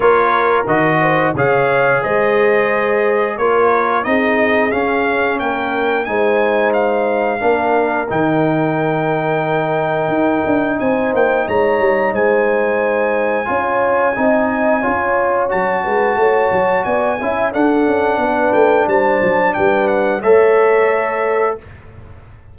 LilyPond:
<<
  \new Staff \with { instrumentName = "trumpet" } { \time 4/4 \tempo 4 = 89 cis''4 dis''4 f''4 dis''4~ | dis''4 cis''4 dis''4 f''4 | g''4 gis''4 f''2 | g''1 |
gis''8 g''8 ais''4 gis''2~ | gis''2. a''4~ | a''4 gis''4 fis''4. g''8 | a''4 g''8 fis''8 e''2 | }
  \new Staff \with { instrumentName = "horn" } { \time 4/4 ais'4. c''8 cis''4 c''4~ | c''4 ais'4 gis'2 | ais'4 c''2 ais'4~ | ais'1 |
c''4 cis''4 c''2 | cis''4 dis''4 cis''4. b'8 | cis''4 d''8 e''8 a'4 b'4 | c''4 b'4 cis''2 | }
  \new Staff \with { instrumentName = "trombone" } { \time 4/4 f'4 fis'4 gis'2~ | gis'4 f'4 dis'4 cis'4~ | cis'4 dis'2 d'4 | dis'1~ |
dis'1 | f'4 dis'4 f'4 fis'4~ | fis'4. e'8 d'2~ | d'2 a'2 | }
  \new Staff \with { instrumentName = "tuba" } { \time 4/4 ais4 dis4 cis4 gis4~ | gis4 ais4 c'4 cis'4 | ais4 gis2 ais4 | dis2. dis'8 d'8 |
c'8 ais8 gis8 g8 gis2 | cis'4 c'4 cis'4 fis8 gis8 | a8 fis8 b8 cis'8 d'8 cis'8 b8 a8 | g8 fis8 g4 a2 | }
>>